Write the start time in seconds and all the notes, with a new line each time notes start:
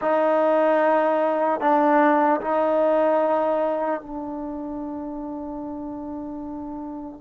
0.01 D#4
1.60 D4
2.40 D#4
4.00 D4